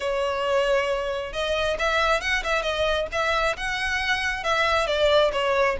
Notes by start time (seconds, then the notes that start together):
0.00 C#5
1.33 D#5
1.78 E5
2.20 F#5
2.43 E5
2.62 D#5
3.12 E5
3.56 F#5
4.43 E5
4.86 D5
5.32 C#5